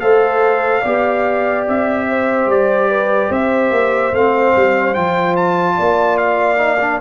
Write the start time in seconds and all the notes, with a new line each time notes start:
0.00 A3 A4 C5 F5
0.81 B3 G4 D5
1.68 C4 E5
2.09 C5
2.46 G3 D5
2.89 B4
3.28 C4 C5 E5
3.71 A#3
4.12 A3 C4 F5
4.56 G3
4.94 F3 F4 G5
5.36 A5
5.77 A#3 D5
6.17 F5
6.57 D#4
6.81 D4